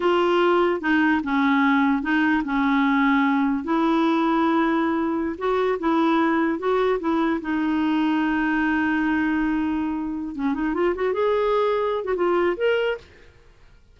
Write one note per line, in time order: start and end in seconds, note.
0.00 0.80 F4
0.80 1.21 D#4
1.23 2.02 C#4
2.02 2.43 D#4
2.44 3.63 C#4
3.63 5.36 E4
5.37 5.78 F#4
5.79 6.58 E4
6.58 6.99 F#4
6.99 7.40 E4
7.41 10.35 D#4
10.35 10.54 C#4
10.54 10.74 D#4
10.74 10.94 F4
10.95 11.13 F#4
11.13 12.04 G#4
12.04 12.14 F#4
12.15 12.56 F4
12.57 12.97 A#4